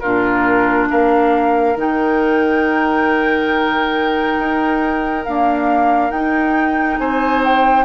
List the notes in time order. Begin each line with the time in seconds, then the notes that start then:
0.00 A#2 D4 F4 A#4
0.91 A#3 A#4 F5
1.76 D#3 D#4 G5
4.39 D#4
5.25 A#3 D4 F5
6.11 D#4 G5
6.99 C4 C5 G#5
7.44 G5